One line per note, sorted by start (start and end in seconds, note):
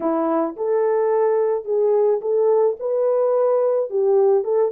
0.00 0.56 E4
0.56 1.65 A4
1.65 2.20 G#4
2.21 2.76 A4
2.79 3.90 B4
3.90 4.44 G4
4.44 4.71 A4